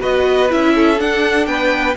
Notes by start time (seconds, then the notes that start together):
0.00 B3 F#4 B4 D#5
0.50 C#4 E4 E5
0.75 A4
0.97 D4 F#5
1.46 B3 B4 G5